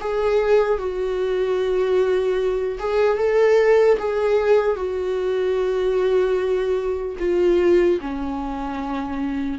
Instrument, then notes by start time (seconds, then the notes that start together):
viola
0.00 G#4
0.79 F#4
2.79 G#4
3.18 A4
3.99 G#4
4.76 F#4
7.20 F4
8.01 C#4